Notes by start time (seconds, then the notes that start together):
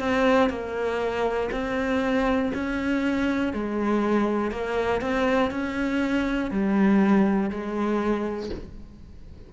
0.00 C4
0.50 A#3
1.52 C4
2.54 C#4
3.53 G#3
4.52 A#3
5.02 C4
5.51 C#4
6.51 G3
7.50 G#3